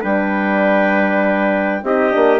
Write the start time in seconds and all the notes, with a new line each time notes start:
0.00 G3 D4 B4 G5
1.82 C4 D#4 G4 D#5
2.10 A#3 D4